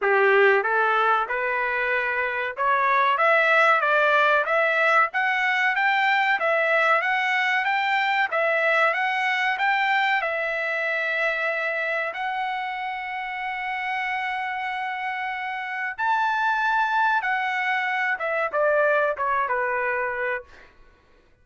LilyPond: \new Staff \with { instrumentName = "trumpet" } { \time 4/4 \tempo 4 = 94 g'4 a'4 b'2 | cis''4 e''4 d''4 e''4 | fis''4 g''4 e''4 fis''4 | g''4 e''4 fis''4 g''4 |
e''2. fis''4~ | fis''1~ | fis''4 a''2 fis''4~ | fis''8 e''8 d''4 cis''8 b'4. | }